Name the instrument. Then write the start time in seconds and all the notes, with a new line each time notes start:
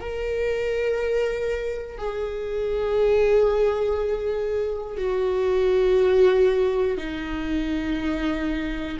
viola
0.00 A#4
1.97 G#4
4.97 F#4
6.97 D#4